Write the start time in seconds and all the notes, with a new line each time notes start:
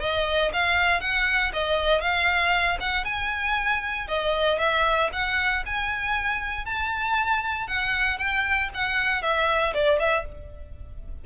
0.00 D#5
0.53 F5
1.01 F#5
1.53 D#5
2.01 F5
2.80 F#5
3.05 G#5
4.08 D#5
4.59 E5
5.13 F#5
5.66 G#5
6.65 A5
7.67 F#5
8.18 G5
8.74 F#5
9.22 E5
9.74 D5
9.99 E5